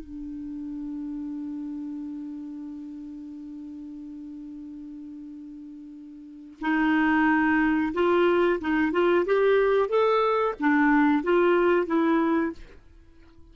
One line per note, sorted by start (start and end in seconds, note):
0.00 6.59 D4
6.61 7.93 D#4
7.94 8.60 F4
8.61 8.93 D#4
8.93 9.25 F4
9.26 9.89 G4
9.89 10.55 A4
10.60 11.24 D4
11.24 11.87 F4
11.87 12.53 E4